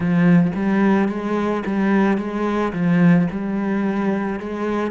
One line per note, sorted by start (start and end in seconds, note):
0.00 0.52 F3
0.55 1.08 G3
1.08 1.63 G#3
1.66 2.17 G3
2.17 2.72 G#3
2.73 3.27 F3
3.30 4.39 G3
4.39 4.90 G#3